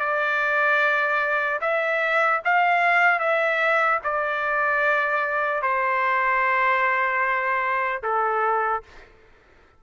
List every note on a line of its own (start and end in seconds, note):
0.00 1.60 D5
1.61 2.41 E5
2.45 3.20 F5
3.20 4.00 E5
4.04 5.63 D5
5.63 8.03 C5
8.04 8.84 A4